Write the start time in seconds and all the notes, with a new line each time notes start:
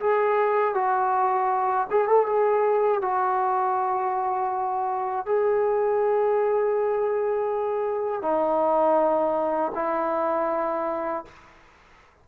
0.00 G#4
0.75 F#4
1.91 G#4
2.08 A4
2.26 G#4
3.01 F#4
5.26 G#4
8.22 D#4
9.75 E4